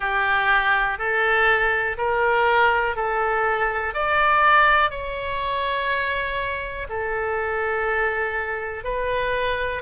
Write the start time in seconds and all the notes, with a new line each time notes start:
0.00 G4
0.98 A4
1.97 A#4
2.96 A4
3.93 D5
4.90 C#5
6.89 A4
8.83 B4